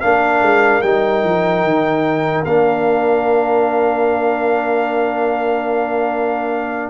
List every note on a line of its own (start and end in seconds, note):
0.00 0.41 A#3
0.00 0.82 D4
0.00 6.90 A#4
0.00 0.81 F5
0.41 0.82 G#3
0.81 1.23 G3
0.81 2.45 D#4
0.81 2.44 G5
1.23 1.63 F3
1.63 2.44 D#3
2.45 6.90 A#3
2.45 6.90 D4
2.45 6.90 F5